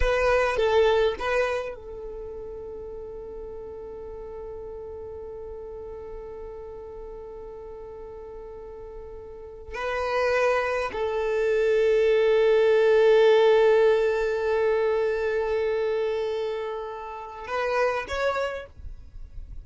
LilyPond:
\new Staff \with { instrumentName = "violin" } { \time 4/4 \tempo 4 = 103 b'4 a'4 b'4 a'4~ | a'1~ | a'1~ | a'1~ |
a'8. b'2 a'4~ a'16~ | a'1~ | a'1~ | a'2 b'4 cis''4 | }